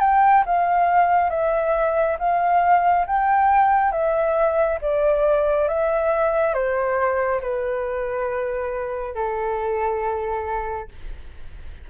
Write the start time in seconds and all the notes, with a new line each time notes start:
0.00 G5
0.45 F5
1.30 E5
2.19 F5
3.06 G5
3.91 E5
4.81 D5
5.68 E5
6.53 C5
7.41 B4
9.14 A4